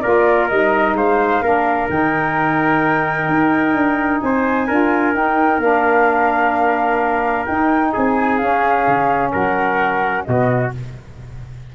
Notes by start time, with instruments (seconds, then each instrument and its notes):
0.00 tuba A#3, saxophone F4, trumpet A#4, flute D5
0.48 tuba G3, saxophone D#4, flute D#5
0.94 tuba G#3, trumpet C5, flute F5
1.41 tuba A#3, saxophone D4, trumpet A#4
1.89 tuba D#3, saxophone D#4, flute G5
3.28 tuba D#4
3.74 tuba D4
4.21 tuba C4, trumpet C5, flute G#5
4.67 tuba D4, saxophone F4, trumpet A#4
5.13 saxophone D#4, tuba D#4, flute G5
5.58 tuba A#3, saxophone D4, flute F5
7.45 saxophone D#4, tuba D#4, flute G5
7.92 tuba C4, trumpet G#4, flute G#5
8.37 saxophone C#4, tuba C#4, flute F5
8.87 tuba C#3
9.32 tuba F#3, trumpet A#4, flute F#5
10.24 tuba B2, saxophone B3, trumpet F#4, flute D#5